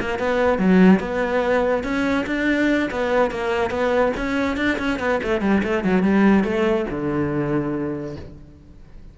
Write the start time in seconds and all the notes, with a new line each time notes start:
0.00 A#3
0.19 B3
0.58 F#3
1.00 B3
1.83 C#4
2.26 D4
2.91 B3
3.31 A#3
3.70 B3
4.17 C#4
4.57 D4
4.78 C#4
4.99 B3
5.23 A3
5.41 G3
5.63 A3
5.84 F#3
6.03 G3
6.44 A3
6.90 D3